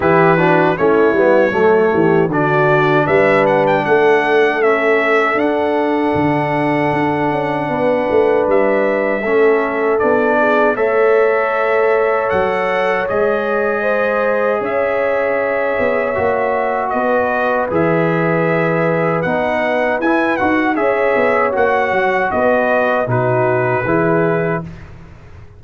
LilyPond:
<<
  \new Staff \with { instrumentName = "trumpet" } { \time 4/4 \tempo 4 = 78 b'4 cis''2 d''4 | e''8 fis''16 g''16 fis''4 e''4 fis''4~ | fis''2. e''4~ | e''4 d''4 e''2 |
fis''4 dis''2 e''4~ | e''2 dis''4 e''4~ | e''4 fis''4 gis''8 fis''8 e''4 | fis''4 dis''4 b'2 | }
  \new Staff \with { instrumentName = "horn" } { \time 4/4 g'8 fis'8 e'4 a'8 g'8 fis'4 | b'4 a'2.~ | a'2 b'2 | a'4. gis'8 cis''2~ |
cis''2 c''4 cis''4~ | cis''2 b'2~ | b'2. cis''4~ | cis''4 b'4 fis'4 gis'4 | }
  \new Staff \with { instrumentName = "trombone" } { \time 4/4 e'8 d'8 cis'8 b8 a4 d'4~ | d'2 cis'4 d'4~ | d'1 | cis'4 d'4 a'2~ |
a'4 gis'2.~ | gis'4 fis'2 gis'4~ | gis'4 dis'4 e'8 fis'8 gis'4 | fis'2 dis'4 e'4 | }
  \new Staff \with { instrumentName = "tuba" } { \time 4/4 e4 a8 g8 fis8 e8 d4 | g4 a2 d'4 | d4 d'8 cis'8 b8 a8 g4 | a4 b4 a2 |
fis4 gis2 cis'4~ | cis'8 b8 ais4 b4 e4~ | e4 b4 e'8 dis'8 cis'8 b8 | ais8 fis8 b4 b,4 e4 | }
>>